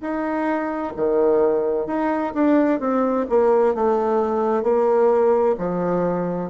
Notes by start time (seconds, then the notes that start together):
0.00 D#4
0.96 D#3
1.86 D#4
2.34 D4
2.79 C4
3.29 A#3
3.74 A3
4.63 A#3
5.58 F3